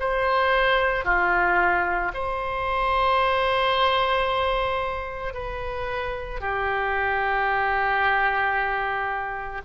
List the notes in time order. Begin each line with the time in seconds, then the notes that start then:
0.00 C5
1.05 F4
2.14 C5
5.34 B4
6.40 G4